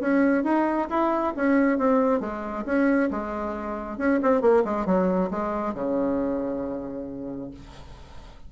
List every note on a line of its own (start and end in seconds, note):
0.00 0.44 C#4
0.44 0.88 D#4
0.89 1.34 E4
1.36 1.78 C#4
1.78 2.20 C4
2.20 2.64 G#3
2.65 3.09 C#4
3.10 3.97 G#3
3.97 4.20 C#4
4.22 4.41 C4
4.41 4.63 A#3
4.64 4.85 G#3
4.85 5.29 F#3
5.30 5.74 G#3
5.74 7.50 C#3